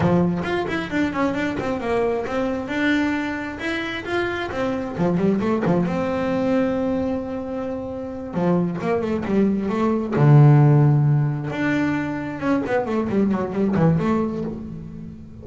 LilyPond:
\new Staff \with { instrumentName = "double bass" } { \time 4/4 \tempo 4 = 133 f4 f'8 e'8 d'8 cis'8 d'8 c'8 | ais4 c'4 d'2 | e'4 f'4 c'4 f8 g8 | a8 f8 c'2.~ |
c'2~ c'8 f4 ais8 | a8 g4 a4 d4.~ | d4. d'2 cis'8 | b8 a8 g8 fis8 g8 e8 a4 | }